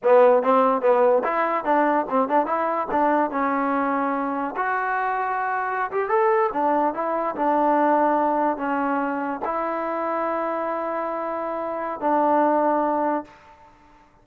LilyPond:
\new Staff \with { instrumentName = "trombone" } { \time 4/4 \tempo 4 = 145 b4 c'4 b4 e'4 | d'4 c'8 d'8 e'4 d'4 | cis'2. fis'4~ | fis'2~ fis'16 g'8 a'4 d'16~ |
d'8. e'4 d'2~ d'16~ | d'8. cis'2 e'4~ e'16~ | e'1~ | e'4 d'2. | }